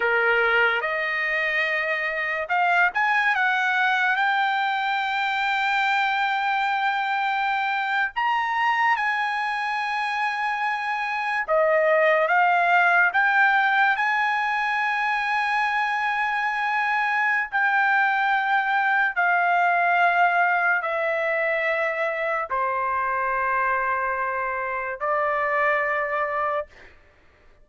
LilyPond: \new Staff \with { instrumentName = "trumpet" } { \time 4/4 \tempo 4 = 72 ais'4 dis''2 f''8 gis''8 | fis''4 g''2.~ | g''4.~ g''16 ais''4 gis''4~ gis''16~ | gis''4.~ gis''16 dis''4 f''4 g''16~ |
g''8. gis''2.~ gis''16~ | gis''4 g''2 f''4~ | f''4 e''2 c''4~ | c''2 d''2 | }